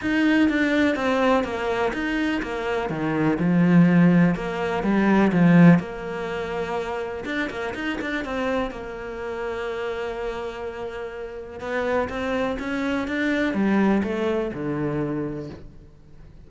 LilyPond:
\new Staff \with { instrumentName = "cello" } { \time 4/4 \tempo 4 = 124 dis'4 d'4 c'4 ais4 | dis'4 ais4 dis4 f4~ | f4 ais4 g4 f4 | ais2. d'8 ais8 |
dis'8 d'8 c'4 ais2~ | ais1 | b4 c'4 cis'4 d'4 | g4 a4 d2 | }